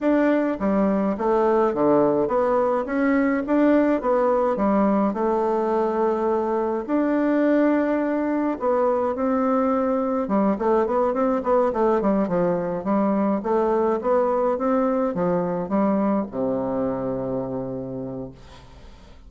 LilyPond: \new Staff \with { instrumentName = "bassoon" } { \time 4/4 \tempo 4 = 105 d'4 g4 a4 d4 | b4 cis'4 d'4 b4 | g4 a2. | d'2. b4 |
c'2 g8 a8 b8 c'8 | b8 a8 g8 f4 g4 a8~ | a8 b4 c'4 f4 g8~ | g8 c2.~ c8 | }